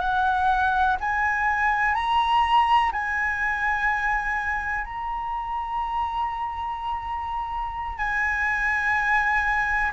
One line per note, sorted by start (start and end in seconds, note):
0.00 0.97 F#5
1.00 1.94 G#5
1.94 2.91 A#5
2.92 4.84 G#5
4.84 7.98 A#5
7.98 9.91 G#5